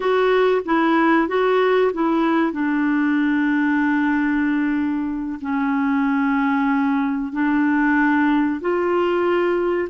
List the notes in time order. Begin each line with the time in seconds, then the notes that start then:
0.00 F#4
0.65 E4
1.28 F#4
1.93 E4
2.52 D4
5.41 C#4
7.32 D4
8.60 F4